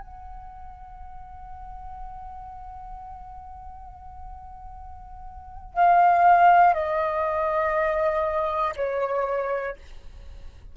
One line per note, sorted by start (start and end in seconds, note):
0.00 5.74 F#5
5.74 6.73 F5
6.73 8.73 D#5
8.76 9.76 C#5